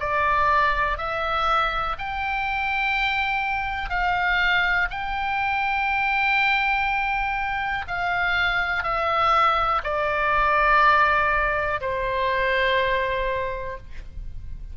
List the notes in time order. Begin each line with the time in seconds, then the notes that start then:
0.00 D5
0.97 E5
1.99 G5
3.90 F5
4.90 G5
7.88 F5
8.83 E5
9.84 D5
11.81 C5